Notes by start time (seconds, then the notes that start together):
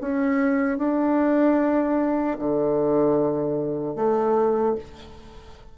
0.00 C#4
0.77 D4
2.38 D3
3.95 A3